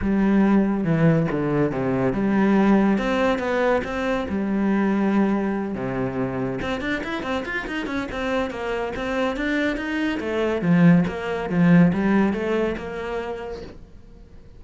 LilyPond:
\new Staff \with { instrumentName = "cello" } { \time 4/4 \tempo 4 = 141 g2 e4 d4 | c4 g2 c'4 | b4 c'4 g2~ | g4. c2 c'8 |
d'8 e'8 c'8 f'8 dis'8 cis'8 c'4 | ais4 c'4 d'4 dis'4 | a4 f4 ais4 f4 | g4 a4 ais2 | }